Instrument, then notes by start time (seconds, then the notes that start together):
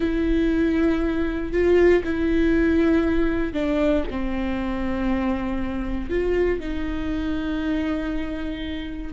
viola
0.00 E4
1.52 F4
2.04 E4
3.53 D4
4.10 C4
6.09 F4
6.60 D#4